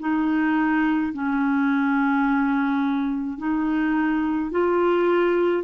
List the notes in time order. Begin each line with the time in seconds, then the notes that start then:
0.00 D#4
1.14 C#4
3.39 D#4
4.52 F4